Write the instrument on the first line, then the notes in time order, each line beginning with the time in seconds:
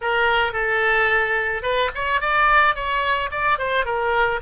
oboe
0.01 A#4
0.52 A4
1.62 B4
1.94 C#5
2.20 D5
2.75 C#5
3.31 D5
3.58 C5
3.85 A#4